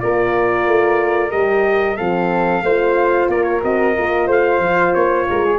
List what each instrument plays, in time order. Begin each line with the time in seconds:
0.00 tuba A#3, horn F4, flute A#4, trumpet D5
0.67 tuba A3
1.30 tuba G3, horn G4, trumpet D#5
1.97 tuba F3, horn C4, flute A4, trumpet F5
2.62 tuba A3, horn F4, flute C5
3.28 tuba A#3, flute A#4, trumpet D5
3.44 trumpet C#5
3.62 tuba C4, horn F#4, trumpet D#5
3.94 tuba A#3, horn F4
4.27 tuba A3, flute C5, trumpet F5
4.59 tuba F3
4.94 tuba A#3, trumpet C#5
5.30 tuba G#3, flute A#4
5.45 flute G#4